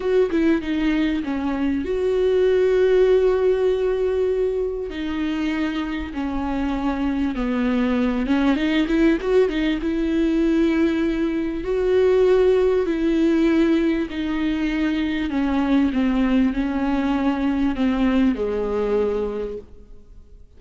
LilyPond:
\new Staff \with { instrumentName = "viola" } { \time 4/4 \tempo 4 = 98 fis'8 e'8 dis'4 cis'4 fis'4~ | fis'1 | dis'2 cis'2 | b4. cis'8 dis'8 e'8 fis'8 dis'8 |
e'2. fis'4~ | fis'4 e'2 dis'4~ | dis'4 cis'4 c'4 cis'4~ | cis'4 c'4 gis2 | }